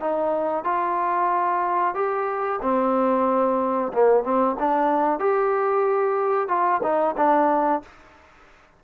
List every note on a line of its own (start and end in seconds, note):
0.00 0.64 D#4
0.64 1.94 F4
1.94 2.60 G4
2.62 3.92 C4
3.93 4.24 A#3
4.24 4.56 C4
4.59 5.19 D4
5.19 6.48 G4
6.48 6.81 F4
6.83 7.16 D#4
7.17 7.82 D4